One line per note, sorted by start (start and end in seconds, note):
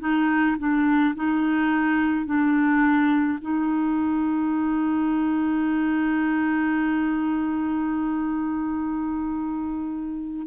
0.00 0.57 D#4
0.58 1.15 D4
1.15 2.25 D#4
2.25 3.39 D4
3.41 10.47 D#4